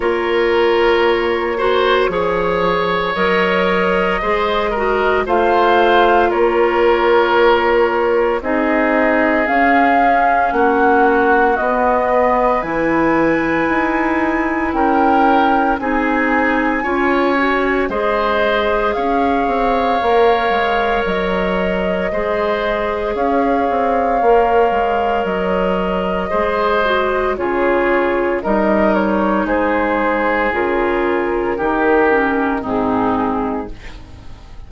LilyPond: <<
  \new Staff \with { instrumentName = "flute" } { \time 4/4 \tempo 4 = 57 cis''2. dis''4~ | dis''4 f''4 cis''2 | dis''4 f''4 fis''4 dis''4 | gis''2 g''4 gis''4~ |
gis''4 dis''4 f''2 | dis''2 f''2 | dis''2 cis''4 dis''8 cis''8 | c''4 ais'2 gis'4 | }
  \new Staff \with { instrumentName = "oboe" } { \time 4/4 ais'4. c''8 cis''2 | c''8 ais'8 c''4 ais'2 | gis'2 fis'4. b'8~ | b'2 ais'4 gis'4 |
cis''4 c''4 cis''2~ | cis''4 c''4 cis''2~ | cis''4 c''4 gis'4 ais'4 | gis'2 g'4 dis'4 | }
  \new Staff \with { instrumentName = "clarinet" } { \time 4/4 f'4. fis'8 gis'4 ais'4 | gis'8 fis'8 f'2. | dis'4 cis'2 b4 | e'2. dis'4 |
f'8 fis'8 gis'2 ais'4~ | ais'4 gis'2 ais'4~ | ais'4 gis'8 fis'8 f'4 dis'4~ | dis'4 f'4 dis'8 cis'8 c'4 | }
  \new Staff \with { instrumentName = "bassoon" } { \time 4/4 ais2 f4 fis4 | gis4 a4 ais2 | c'4 cis'4 ais4 b4 | e4 dis'4 cis'4 c'4 |
cis'4 gis4 cis'8 c'8 ais8 gis8 | fis4 gis4 cis'8 c'8 ais8 gis8 | fis4 gis4 cis4 g4 | gis4 cis4 dis4 gis,4 | }
>>